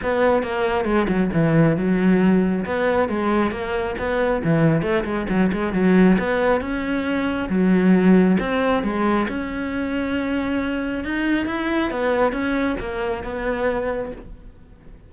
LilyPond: \new Staff \with { instrumentName = "cello" } { \time 4/4 \tempo 4 = 136 b4 ais4 gis8 fis8 e4 | fis2 b4 gis4 | ais4 b4 e4 a8 gis8 | fis8 gis8 fis4 b4 cis'4~ |
cis'4 fis2 c'4 | gis4 cis'2.~ | cis'4 dis'4 e'4 b4 | cis'4 ais4 b2 | }